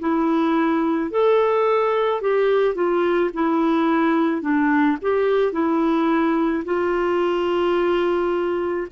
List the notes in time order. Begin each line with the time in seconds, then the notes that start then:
0.00 E4
1.11 A4
2.22 G4
2.75 F4
3.34 E4
4.42 D4
5.02 G4
5.53 E4
6.65 F4